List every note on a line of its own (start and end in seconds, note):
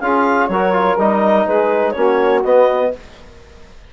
0.00 0.48 C#4
0.00 0.51 F4
0.00 0.49 G#4
0.00 0.47 F5
0.47 0.97 F#3
0.47 0.73 F#4
0.47 1.46 A#4
0.47 0.95 C#5
0.73 0.97 F4
0.98 1.46 G3
0.98 1.95 D#4
0.98 1.47 D#5
1.46 1.95 G#3
1.46 1.94 G#4
1.46 1.91 B4
1.91 2.44 A#3
1.91 2.44 C#4
1.91 2.91 F#4
1.91 2.40 C#5
2.44 2.92 B3
2.44 2.93 B3
2.44 2.92 D#5